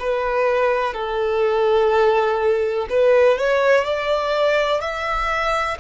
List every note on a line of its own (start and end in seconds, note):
0.00 0.94 B4
0.94 2.88 A4
2.90 3.39 B4
3.39 3.85 C#5
3.85 4.81 D5
4.81 5.78 E5